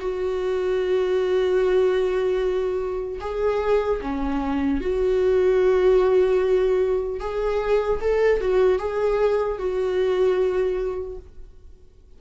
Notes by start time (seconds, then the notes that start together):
0.00 F#4
3.21 G#4
4.01 C#4
4.81 F#4
7.20 G#4
8.01 A4
8.41 F#4
8.79 G#4
9.59 F#4